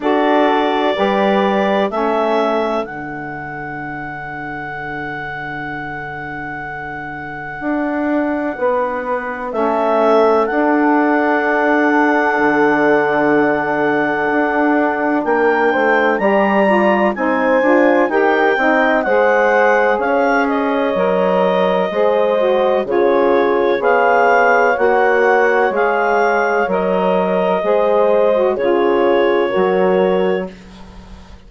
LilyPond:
<<
  \new Staff \with { instrumentName = "clarinet" } { \time 4/4 \tempo 4 = 63 d''2 e''4 fis''4~ | fis''1~ | fis''2 e''4 fis''4~ | fis''1 |
g''4 ais''4 gis''4 g''4 | fis''4 f''8 dis''2~ dis''8 | cis''4 f''4 fis''4 f''4 | dis''2 cis''2 | }
  \new Staff \with { instrumentName = "horn" } { \time 4/4 a'4 b'4 a'2~ | a'1~ | a'4 b'4 a'2~ | a'1 |
ais'8 c''8 d''4 c''4 ais'8 dis''8 | c''4 cis''2 c''4 | gis'4 cis''2.~ | cis''4 c''4 gis'4 ais'4 | }
  \new Staff \with { instrumentName = "saxophone" } { \time 4/4 fis'4 g'4 cis'4 d'4~ | d'1~ | d'2 cis'4 d'4~ | d'1~ |
d'4 g'8 f'8 dis'8 f'8 g'8 dis'8 | gis'2 ais'4 gis'8 fis'8 | f'4 gis'4 fis'4 gis'4 | ais'4 gis'8. fis'16 f'4 fis'4 | }
  \new Staff \with { instrumentName = "bassoon" } { \time 4/4 d'4 g4 a4 d4~ | d1 | d'4 b4 a4 d'4~ | d'4 d2 d'4 |
ais8 a8 g4 c'8 d'8 dis'8 c'8 | gis4 cis'4 fis4 gis4 | cis4 b4 ais4 gis4 | fis4 gis4 cis4 fis4 | }
>>